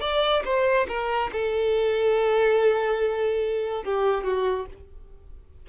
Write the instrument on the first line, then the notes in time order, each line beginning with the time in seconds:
violin
0.00 D5
0.44 C5
0.88 A#4
1.32 A4
3.84 G4
4.24 F#4